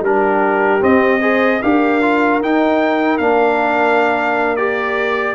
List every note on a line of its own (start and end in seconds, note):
0.00 0.79 G3
0.00 0.80 D4
0.00 1.21 G4
0.00 0.83 A#4
0.80 1.20 C4
0.80 1.61 C4
0.80 1.62 D#5
1.21 1.61 G#4
1.21 1.61 C5
1.62 2.41 D4
1.62 2.02 G4
1.62 5.35 A#4
1.62 2.41 F5
2.02 2.41 F4
2.41 3.19 D#4
2.41 3.20 D#4
2.41 3.18 G5
3.18 5.35 A#3
3.18 4.57 D4
3.18 4.56 F5
4.56 5.35 G4
4.56 5.35 D5